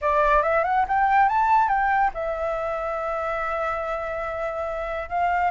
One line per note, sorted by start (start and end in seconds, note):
0.01 0.42 D5
0.42 0.64 E5
0.64 0.85 F#5
0.88 1.28 G5
1.28 1.68 A5
1.68 2.11 G5
2.14 5.09 E5
5.09 5.50 F5